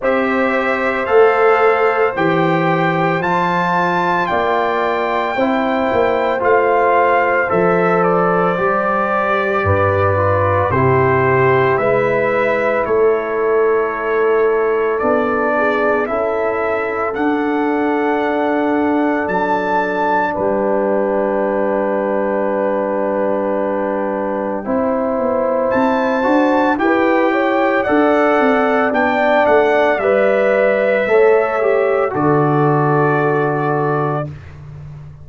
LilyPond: <<
  \new Staff \with { instrumentName = "trumpet" } { \time 4/4 \tempo 4 = 56 e''4 f''4 g''4 a''4 | g''2 f''4 e''8 d''8~ | d''2 c''4 e''4 | cis''2 d''4 e''4 |
fis''2 a''4 g''4~ | g''1 | a''4 g''4 fis''4 g''8 fis''8 | e''2 d''2 | }
  \new Staff \with { instrumentName = "horn" } { \time 4/4 c''1 | d''4 c''2.~ | c''4 b'4 g'4 b'4 | a'2~ a'8 gis'8 a'4~ |
a'2. b'4~ | b'2. c''4~ | c''4 b'8 cis''8 d''2~ | d''4 cis''4 a'2 | }
  \new Staff \with { instrumentName = "trombone" } { \time 4/4 g'4 a'4 g'4 f'4~ | f'4 e'4 f'4 a'4 | g'4. f'8 e'2~ | e'2 d'4 e'4 |
d'1~ | d'2. e'4~ | e'8 fis'8 g'4 a'4 d'4 | b'4 a'8 g'8 fis'2 | }
  \new Staff \with { instrumentName = "tuba" } { \time 4/4 c'4 a4 e4 f4 | ais4 c'8 ais8 a4 f4 | g4 g,4 c4 gis4 | a2 b4 cis'4 |
d'2 fis4 g4~ | g2. c'8 b8 | c'8 d'8 e'4 d'8 c'8 b8 a8 | g4 a4 d2 | }
>>